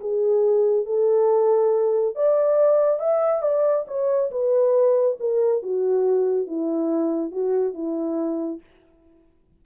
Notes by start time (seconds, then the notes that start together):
0.00 G#4
0.85 A4
2.15 D5
2.99 E5
3.42 D5
3.87 C#5
4.31 B4
5.19 A#4
5.62 F#4
6.46 E4
7.31 F#4
7.74 E4